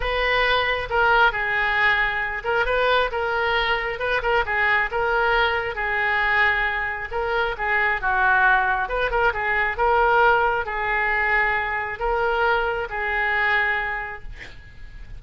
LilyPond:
\new Staff \with { instrumentName = "oboe" } { \time 4/4 \tempo 4 = 135 b'2 ais'4 gis'4~ | gis'4. ais'8 b'4 ais'4~ | ais'4 b'8 ais'8 gis'4 ais'4~ | ais'4 gis'2. |
ais'4 gis'4 fis'2 | b'8 ais'8 gis'4 ais'2 | gis'2. ais'4~ | ais'4 gis'2. | }